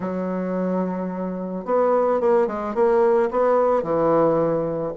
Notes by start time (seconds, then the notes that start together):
0.00 F#3
1.65 B3
2.20 A#3
2.47 G#3
2.74 A#3
3.30 B3
3.82 E3